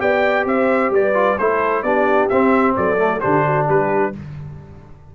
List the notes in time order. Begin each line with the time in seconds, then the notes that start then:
0.00 B3 G4 D5 G5
0.46 C4 C5 E5
0.90 G3 B4 D5
1.14 F4
1.39 A3 E4 A4 C5
1.83 B3 D4 G4 D5
2.29 C4 E5
2.77 F#3 A4 D5
2.98 A3
3.21 D3 D4 G4 C5
3.45 F#4
3.67 G3 G4 B4